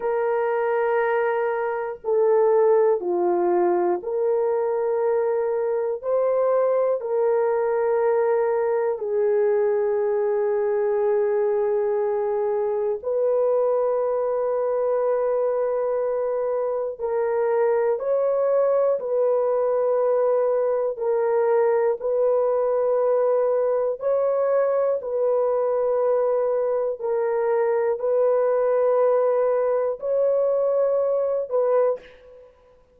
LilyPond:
\new Staff \with { instrumentName = "horn" } { \time 4/4 \tempo 4 = 60 ais'2 a'4 f'4 | ais'2 c''4 ais'4~ | ais'4 gis'2.~ | gis'4 b'2.~ |
b'4 ais'4 cis''4 b'4~ | b'4 ais'4 b'2 | cis''4 b'2 ais'4 | b'2 cis''4. b'8 | }